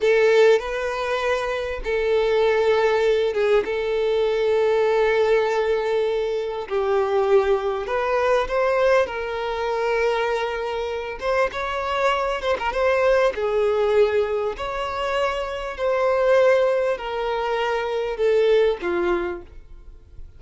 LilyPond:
\new Staff \with { instrumentName = "violin" } { \time 4/4 \tempo 4 = 99 a'4 b'2 a'4~ | a'4. gis'8 a'2~ | a'2. g'4~ | g'4 b'4 c''4 ais'4~ |
ais'2~ ais'8 c''8 cis''4~ | cis''8 c''16 ais'16 c''4 gis'2 | cis''2 c''2 | ais'2 a'4 f'4 | }